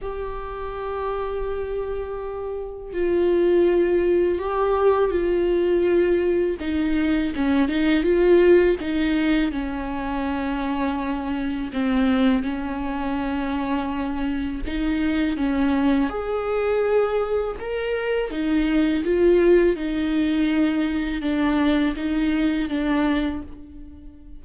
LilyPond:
\new Staff \with { instrumentName = "viola" } { \time 4/4 \tempo 4 = 82 g'1 | f'2 g'4 f'4~ | f'4 dis'4 cis'8 dis'8 f'4 | dis'4 cis'2. |
c'4 cis'2. | dis'4 cis'4 gis'2 | ais'4 dis'4 f'4 dis'4~ | dis'4 d'4 dis'4 d'4 | }